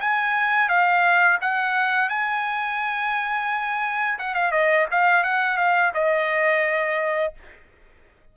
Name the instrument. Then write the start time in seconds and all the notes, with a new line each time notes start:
trumpet
0.00 G#5
0.68 F5
1.41 F#5
2.09 G#5
4.18 F#5
4.34 F5
4.51 D#5
4.91 F5
5.23 F#5
5.57 F5
5.94 D#5